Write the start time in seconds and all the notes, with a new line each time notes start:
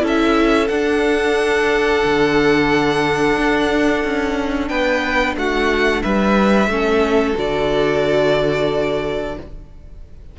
0.00 C#4 E4 A4
0.07 E5
0.68 D4 F#5
2.04 D3
3.37 D4
4.04 C#4
4.68 B3 B4 G5
5.36 A3 F#4 F#5
6.03 G3 B4 E5
6.67 A3 C#4 A4
7.35 D3 F#4 D5